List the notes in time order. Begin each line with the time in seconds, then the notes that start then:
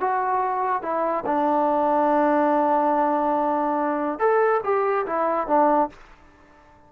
0.00 F#4
0.82 E4
1.25 D4
4.19 A4
4.63 G4
5.06 E4
5.47 D4